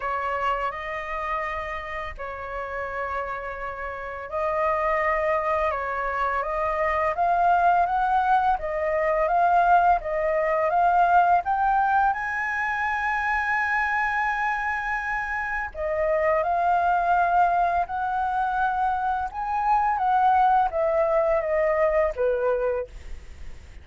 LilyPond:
\new Staff \with { instrumentName = "flute" } { \time 4/4 \tempo 4 = 84 cis''4 dis''2 cis''4~ | cis''2 dis''2 | cis''4 dis''4 f''4 fis''4 | dis''4 f''4 dis''4 f''4 |
g''4 gis''2.~ | gis''2 dis''4 f''4~ | f''4 fis''2 gis''4 | fis''4 e''4 dis''4 b'4 | }